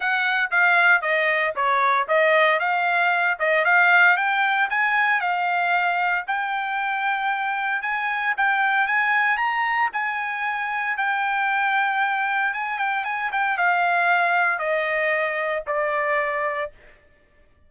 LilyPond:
\new Staff \with { instrumentName = "trumpet" } { \time 4/4 \tempo 4 = 115 fis''4 f''4 dis''4 cis''4 | dis''4 f''4. dis''8 f''4 | g''4 gis''4 f''2 | g''2. gis''4 |
g''4 gis''4 ais''4 gis''4~ | gis''4 g''2. | gis''8 g''8 gis''8 g''8 f''2 | dis''2 d''2 | }